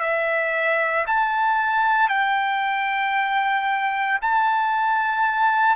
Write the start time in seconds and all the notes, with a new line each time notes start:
0.00 E5
1.07 A5
2.09 G5
4.22 A5